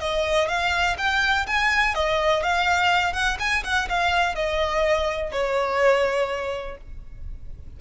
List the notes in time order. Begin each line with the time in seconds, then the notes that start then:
0.00 D#5
0.49 F5
0.98 G5
1.47 G#5
1.95 D#5
2.43 F5
3.13 F#5
3.40 G#5
3.64 F#5
3.89 F5
4.35 D#5
5.32 C#5